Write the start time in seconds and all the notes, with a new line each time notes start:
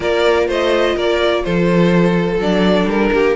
0.00 A#3 F4 A#4 D5
0.47 A3 C5 D#5
0.95 A#3 A#4 D5
1.44 F3 A4 C5
2.38 F#3 D4 D5
2.86 G3 A#4
3.12 A#3 G4